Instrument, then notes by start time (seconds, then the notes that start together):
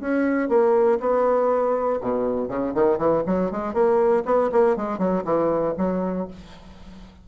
bassoon
0.00 C#4
0.48 A#3
1.00 B3
2.00 B2
2.48 C#3
2.74 D#3
2.98 E3
3.26 F#3
3.51 G#3
3.73 A#3
4.25 B3
4.52 A#3
4.76 G#3
4.98 F#3
5.24 E3
5.77 F#3